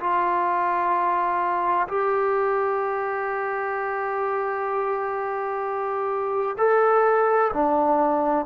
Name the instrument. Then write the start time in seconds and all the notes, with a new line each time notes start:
trombone
0.00 F4
1.87 G4
6.58 A4
7.53 D4